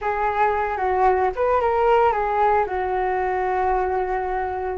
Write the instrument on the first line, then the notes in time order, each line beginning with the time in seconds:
flute
0.01 G#4
0.77 F#4
1.35 B4
1.60 A#4
2.12 G#4
2.66 F#4